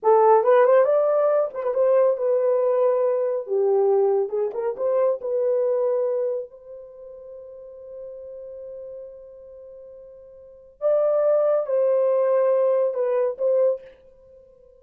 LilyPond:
\new Staff \with { instrumentName = "horn" } { \time 4/4 \tempo 4 = 139 a'4 b'8 c''8 d''4. c''16 b'16 | c''4 b'2. | g'2 gis'8 ais'8 c''4 | b'2. c''4~ |
c''1~ | c''1~ | c''4 d''2 c''4~ | c''2 b'4 c''4 | }